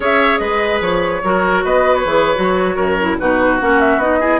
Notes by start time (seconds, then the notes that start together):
0.00 C#4 G#4 C#5 E5
0.38 G#3 B4 D#5
0.80 F3 C#5
1.23 F#3 F#4 A#4
1.64 B3 B4 D#5
1.94 C#5
2.05 E3 G#4
2.35 F#3 F#4
2.75 F#2 A#4
3.00 E4
3.18 B2 D#4 F#4 B4
3.60 A#3 C#4 F#5
3.80 E5
3.97 B3 D#4 D#5
4.19 E4 G#4